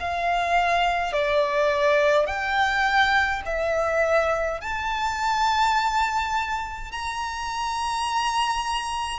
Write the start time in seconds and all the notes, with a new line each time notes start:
0.00 F5
1.13 D5
2.27 G5
3.46 E5
4.61 A5
6.92 A#5